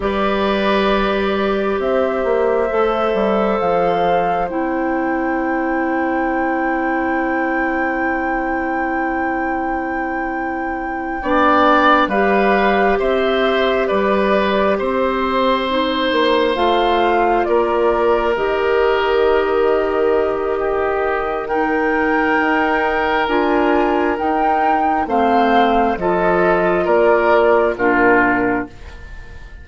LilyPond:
<<
  \new Staff \with { instrumentName = "flute" } { \time 4/4 \tempo 4 = 67 d''2 e''2 | f''4 g''2.~ | g''1~ | g''4. f''4 e''4 d''8~ |
d''8 c''2 f''4 d''8~ | d''8 dis''2.~ dis''8 | g''2 gis''4 g''4 | f''4 dis''4 d''4 ais'4 | }
  \new Staff \with { instrumentName = "oboe" } { \time 4/4 b'2 c''2~ | c''1~ | c''1~ | c''8 d''4 b'4 c''4 b'8~ |
b'8 c''2. ais'8~ | ais'2. g'4 | ais'1 | c''4 a'4 ais'4 f'4 | }
  \new Staff \with { instrumentName = "clarinet" } { \time 4/4 g'2. a'4~ | a'4 e'2.~ | e'1~ | e'8 d'4 g'2~ g'8~ |
g'4. dis'4 f'4.~ | f'8 g'2.~ g'8 | dis'2 f'4 dis'4 | c'4 f'2 d'4 | }
  \new Staff \with { instrumentName = "bassoon" } { \time 4/4 g2 c'8 ais8 a8 g8 | f4 c'2.~ | c'1~ | c'8 b4 g4 c'4 g8~ |
g8 c'4. ais8 a4 ais8~ | ais8 dis2.~ dis8~ | dis4 dis'4 d'4 dis'4 | a4 f4 ais4 ais,4 | }
>>